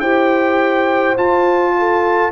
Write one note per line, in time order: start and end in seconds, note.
0.00 1.16 E4
0.00 1.16 G4
0.00 1.74 C5
0.00 1.15 G5
1.16 2.31 F4
1.16 2.31 A5
1.78 2.31 A4